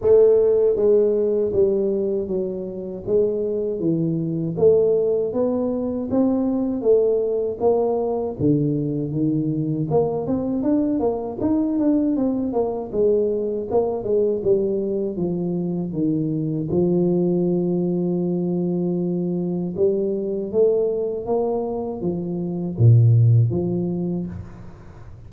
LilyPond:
\new Staff \with { instrumentName = "tuba" } { \time 4/4 \tempo 4 = 79 a4 gis4 g4 fis4 | gis4 e4 a4 b4 | c'4 a4 ais4 d4 | dis4 ais8 c'8 d'8 ais8 dis'8 d'8 |
c'8 ais8 gis4 ais8 gis8 g4 | f4 dis4 f2~ | f2 g4 a4 | ais4 f4 ais,4 f4 | }